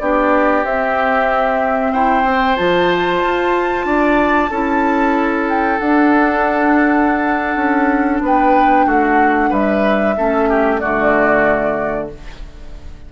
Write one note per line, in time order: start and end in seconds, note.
0.00 0.64 B3
0.00 0.65 D4
0.00 1.93 G4
0.00 0.65 D5
0.64 1.93 C4
0.64 2.57 C4
0.64 1.94 E5
1.93 2.25 E4
1.93 3.86 C5
1.93 2.57 G5
2.25 2.57 C4
2.57 3.23 F3
2.57 4.50 F4
2.57 5.47 A5
3.24 3.85 F4
3.85 4.50 D4
3.85 4.51 D5
4.51 5.80 C#4
4.51 5.80 E4
4.51 8.22 A4
5.49 5.79 G5
5.79 10.15 D4
5.79 7.56 D4
5.79 8.21 F#5
7.56 8.21 C#4
8.21 8.86 B3
8.21 8.86 B4
8.21 8.90 G5
8.86 9.51 A3
8.86 9.50 F#4
8.86 9.53 F#5
9.50 10.17 G3
9.50 10.15 B4
9.50 10.79 E5
10.17 10.83 A3
10.17 10.81 C#4
10.17 10.50 A4
10.50 10.81 G4
10.79 12.13 D3
10.79 12.10 A3
10.79 12.10 F#4
10.79 12.08 D5